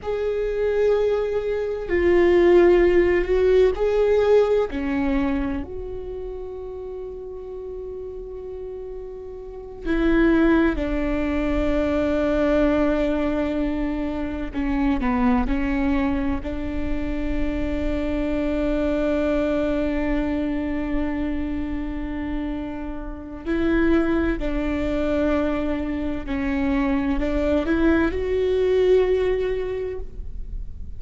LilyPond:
\new Staff \with { instrumentName = "viola" } { \time 4/4 \tempo 4 = 64 gis'2 f'4. fis'8 | gis'4 cis'4 fis'2~ | fis'2~ fis'8 e'4 d'8~ | d'2.~ d'8 cis'8 |
b8 cis'4 d'2~ d'8~ | d'1~ | d'4 e'4 d'2 | cis'4 d'8 e'8 fis'2 | }